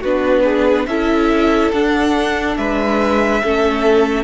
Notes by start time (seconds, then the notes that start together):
0.00 B3 D4 F#4 B4
0.44 G#4
0.86 C#4 E4 A4 E5
1.72 D4 F#5
2.57 G#3 B4 E5
3.43 A3 C#4 A4